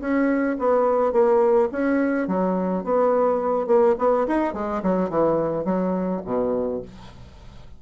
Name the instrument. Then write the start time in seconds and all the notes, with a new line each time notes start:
bassoon
0.00 C#4
0.58 B3
1.12 A#3
1.72 C#4
2.27 F#3
2.84 B3
3.67 A#3
3.98 B3
4.27 D#4
4.53 G#3
4.83 F#3
5.10 E3
5.65 F#3
6.25 B2